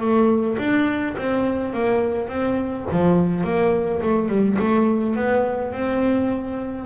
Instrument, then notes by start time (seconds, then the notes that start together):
double bass
0.00 A3
0.58 D4
1.18 C4
1.74 A#3
2.29 C4
2.92 F3
3.44 A#3
4.02 A3
4.29 G3
4.59 A3
5.16 B3
5.72 C4